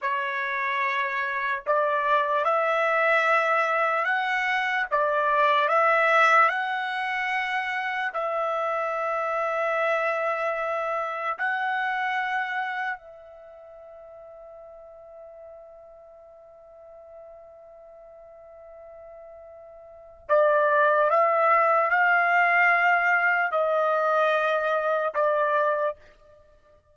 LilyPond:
\new Staff \with { instrumentName = "trumpet" } { \time 4/4 \tempo 4 = 74 cis''2 d''4 e''4~ | e''4 fis''4 d''4 e''4 | fis''2 e''2~ | e''2 fis''2 |
e''1~ | e''1~ | e''4 d''4 e''4 f''4~ | f''4 dis''2 d''4 | }